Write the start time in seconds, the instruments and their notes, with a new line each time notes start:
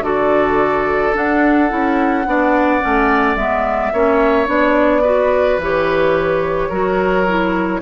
0.00 bassoon D3, clarinet F#4, oboe A4, flute D5
1.13 clarinet D4, bassoon D4, flute F#5
1.69 bassoon C#4, clarinet E4
2.26 bassoon B3, clarinet D4, oboe D5
2.81 bassoon A3, clarinet C#4
3.36 bassoon G#3, clarinet B3, flute E5
3.93 bassoon A#3, clarinet C#4, oboe C#5
4.47 bassoon B3, clarinet D4, flute D5
5.02 clarinet F#4, oboe B4
5.58 bassoon E3, clarinet G4, flute C#5
6.69 bassoon F#3, clarinet F#4, oboe A#4
7.27 clarinet E4